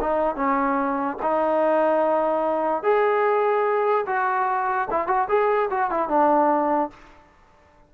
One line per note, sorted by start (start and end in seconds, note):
0.00 0.35 D#4
0.35 1.17 C#4
1.22 2.82 D#4
2.82 4.05 G#4
4.06 4.88 F#4
4.90 5.07 E4
5.07 5.27 F#4
5.28 5.69 G#4
5.70 5.90 F#4
5.90 6.08 E4
6.08 6.90 D4